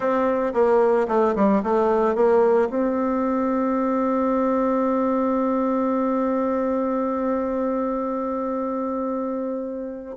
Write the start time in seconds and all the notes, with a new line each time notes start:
0.00 C4
0.53 A#3
1.08 A3
1.35 G3
1.63 A3
2.15 A#3
2.69 C4